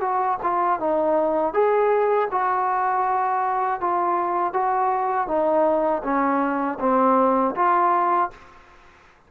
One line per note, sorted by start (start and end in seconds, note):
0.00 0.38 F#4
0.43 0.79 F4
0.79 1.53 D#4
1.53 2.28 G#4
2.31 3.80 F#4
3.80 4.53 F4
4.53 5.27 F#4
5.27 6.02 D#4
6.03 6.78 C#4
6.79 7.54 C4
7.55 8.30 F4